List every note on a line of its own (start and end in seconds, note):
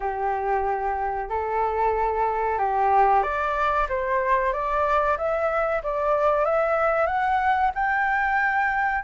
0.00 1.29 G4
1.29 2.58 A4
2.58 3.22 G4
3.22 3.87 D5
3.88 4.52 C5
4.52 5.17 D5
5.17 5.82 E5
5.83 6.45 D5
6.45 7.06 E5
7.06 7.71 F#5
7.74 9.03 G5